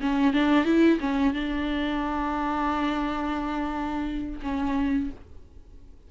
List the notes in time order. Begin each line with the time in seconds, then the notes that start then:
0.00 C#4
0.33 D4
0.64 E4
0.99 C#4
1.33 D4
4.42 C#4